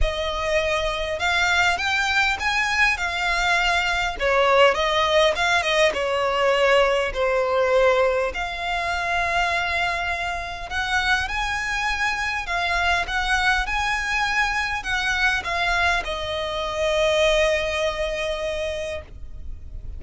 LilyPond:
\new Staff \with { instrumentName = "violin" } { \time 4/4 \tempo 4 = 101 dis''2 f''4 g''4 | gis''4 f''2 cis''4 | dis''4 f''8 dis''8 cis''2 | c''2 f''2~ |
f''2 fis''4 gis''4~ | gis''4 f''4 fis''4 gis''4~ | gis''4 fis''4 f''4 dis''4~ | dis''1 | }